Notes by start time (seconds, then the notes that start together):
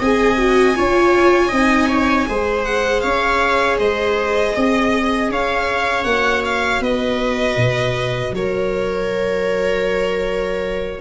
0.00 C4 G#4 D#5 G#5
0.37 F#4
0.77 C#4 F4 C#5
1.49 C4 D#4 D#5
1.89 C#5
2.29 G#3 G#4 C5
2.65 F#5
3.01 C#4 C#5 F5
3.79 G#3 C5 D#5
4.57 C4 D#5
5.30 C#4 C#5 F5
6.05 A#3 F#4 F#5
6.45 F5
6.81 B3 B4 D#5
7.57 B2
8.33 F#3 A#4 C#5